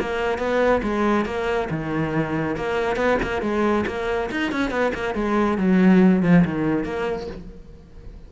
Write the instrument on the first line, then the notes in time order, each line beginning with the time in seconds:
cello
0.00 A#3
0.39 B3
0.83 G#3
1.26 A#3
1.71 D#3
2.56 A#3
2.97 B3
3.23 A#3
3.42 G#3
3.87 A#3
4.31 D#4
4.52 C#4
4.71 B3
4.95 A#3
5.15 G#3
5.58 F#3
6.23 F3
6.45 D#3
6.84 A#3